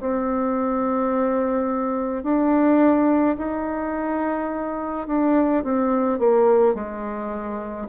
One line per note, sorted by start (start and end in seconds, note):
0.00 2.23 C4
2.23 3.37 D4
3.38 5.07 D#4
5.07 5.63 D4
5.63 6.19 C4
6.19 6.75 A#3
6.75 7.88 G#3